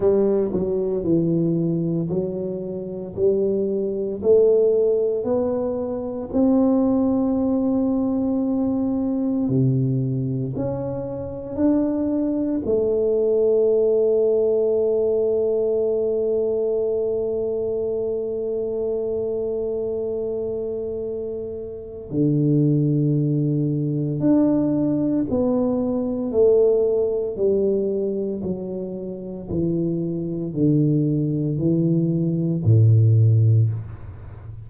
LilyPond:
\new Staff \with { instrumentName = "tuba" } { \time 4/4 \tempo 4 = 57 g8 fis8 e4 fis4 g4 | a4 b4 c'2~ | c'4 c4 cis'4 d'4 | a1~ |
a1~ | a4 d2 d'4 | b4 a4 g4 fis4 | e4 d4 e4 a,4 | }